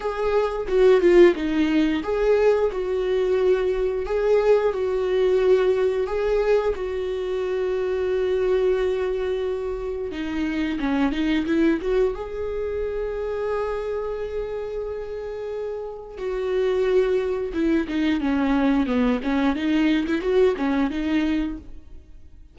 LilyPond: \new Staff \with { instrumentName = "viola" } { \time 4/4 \tempo 4 = 89 gis'4 fis'8 f'8 dis'4 gis'4 | fis'2 gis'4 fis'4~ | fis'4 gis'4 fis'2~ | fis'2. dis'4 |
cis'8 dis'8 e'8 fis'8 gis'2~ | gis'1 | fis'2 e'8 dis'8 cis'4 | b8 cis'8 dis'8. e'16 fis'8 cis'8 dis'4 | }